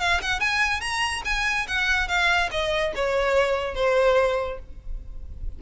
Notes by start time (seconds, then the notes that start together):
0.00 F5
0.22 F#5
0.40 G#5
0.81 A#5
1.25 G#5
1.68 F#5
2.08 F5
2.51 D#5
2.95 C#5
3.75 C5